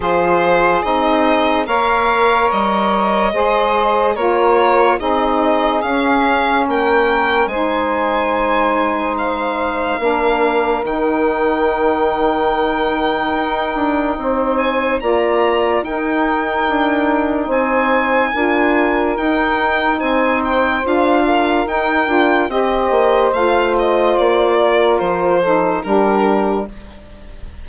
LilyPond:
<<
  \new Staff \with { instrumentName = "violin" } { \time 4/4 \tempo 4 = 72 c''4 dis''4 f''4 dis''4~ | dis''4 cis''4 dis''4 f''4 | g''4 gis''2 f''4~ | f''4 g''2.~ |
g''4. gis''8 ais''4 g''4~ | g''4 gis''2 g''4 | gis''8 g''8 f''4 g''4 dis''4 | f''8 dis''8 d''4 c''4 ais'4 | }
  \new Staff \with { instrumentName = "saxophone" } { \time 4/4 gis'2 cis''2 | c''4 ais'4 gis'2 | ais'4 c''2. | ais'1~ |
ais'4 c''4 d''4 ais'4~ | ais'4 c''4 ais'2 | c''4. ais'4. c''4~ | c''4. ais'4 a'8 g'4 | }
  \new Staff \with { instrumentName = "saxophone" } { \time 4/4 f'4 dis'4 ais'2 | gis'4 f'4 dis'4 cis'4~ | cis'4 dis'2. | d'4 dis'2.~ |
dis'2 f'4 dis'4~ | dis'2 f'4 dis'4~ | dis'4 f'4 dis'8 f'8 g'4 | f'2~ f'8 dis'8 d'4 | }
  \new Staff \with { instrumentName = "bassoon" } { \time 4/4 f4 c'4 ais4 g4 | gis4 ais4 c'4 cis'4 | ais4 gis2. | ais4 dis2. |
dis'8 d'8 c'4 ais4 dis'4 | d'4 c'4 d'4 dis'4 | c'4 d'4 dis'8 d'8 c'8 ais8 | a4 ais4 f4 g4 | }
>>